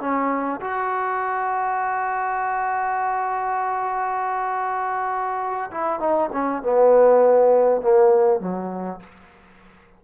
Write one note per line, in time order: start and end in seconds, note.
0.00 0.60 C#4
0.60 5.70 F#4
5.71 5.99 E4
5.99 6.29 D#4
6.32 6.62 C#4
6.62 7.81 B3
7.81 8.40 A#3
8.40 9.00 F#3